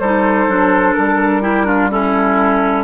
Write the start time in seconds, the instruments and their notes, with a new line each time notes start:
0.00 bassoon G3, clarinet D#4, oboe A4, flute C5
0.48 bassoon F#3, clarinet D4
0.94 bassoon G3, flute A#4
1.42 clarinet E4, oboe G4
1.65 clarinet D4, oboe F4
1.91 clarinet C#4, oboe E4, flute A4